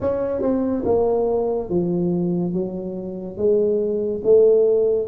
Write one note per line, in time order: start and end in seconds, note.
0.00 0.41 C#4
0.41 0.83 C4
0.85 1.69 A#3
1.69 2.53 F3
2.53 3.37 F#3
3.37 4.21 G#3
4.24 5.07 A3